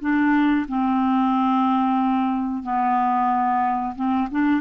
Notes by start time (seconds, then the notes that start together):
0.00 D4
0.68 C4
2.63 B3
3.95 C4
4.31 D4